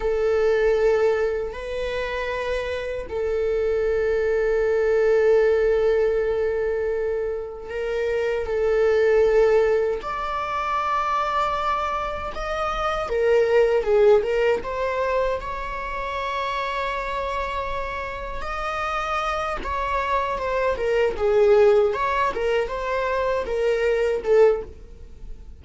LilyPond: \new Staff \with { instrumentName = "viola" } { \time 4/4 \tempo 4 = 78 a'2 b'2 | a'1~ | a'2 ais'4 a'4~ | a'4 d''2. |
dis''4 ais'4 gis'8 ais'8 c''4 | cis''1 | dis''4. cis''4 c''8 ais'8 gis'8~ | gis'8 cis''8 ais'8 c''4 ais'4 a'8 | }